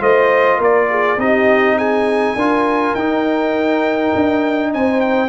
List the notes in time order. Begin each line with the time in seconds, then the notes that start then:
0.00 A3 F4 C5 D#5
0.58 A#3 A#4 D5
0.90 G#4
1.17 C4 D#4 G4 D#5
1.77 G#4 G#5
2.35 D4 F4 A#4
2.95 D#4 G5
4.16 D4
4.74 C4 C5 G#5
5.01 G5